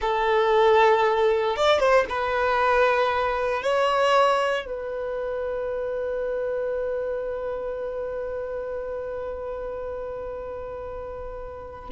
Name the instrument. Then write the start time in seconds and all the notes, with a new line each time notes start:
violin
0.01 A4
1.56 D5
1.79 C5
2.09 B4
3.62 C#5
4.65 B4